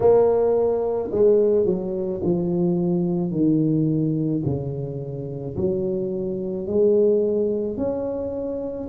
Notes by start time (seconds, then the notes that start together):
0.00 A#3
1.11 G#3
1.65 F#3
2.23 F3
3.31 D#3
4.45 C#3
5.57 F#3
6.66 G#3
7.77 C#4